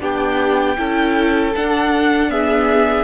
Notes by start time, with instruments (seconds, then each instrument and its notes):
0.00 cello B3, viola D4, violin G4 G5
0.77 cello C#4, viola E4, violin A4
1.56 viola D4, cello D4, violin F#5
2.30 viola B3, violin G#4 E5